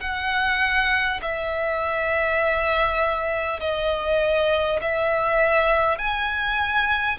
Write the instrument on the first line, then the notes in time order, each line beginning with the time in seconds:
violin
0.00 F#5
1.21 E5
3.59 D#5
4.81 E5
5.98 G#5